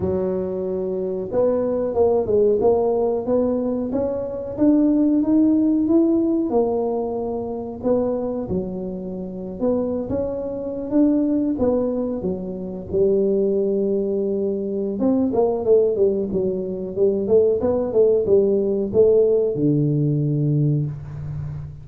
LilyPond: \new Staff \with { instrumentName = "tuba" } { \time 4/4 \tempo 4 = 92 fis2 b4 ais8 gis8 | ais4 b4 cis'4 d'4 | dis'4 e'4 ais2 | b4 fis4.~ fis16 b8. cis'8~ |
cis'8. d'4 b4 fis4 g16~ | g2. c'8 ais8 | a8 g8 fis4 g8 a8 b8 a8 | g4 a4 d2 | }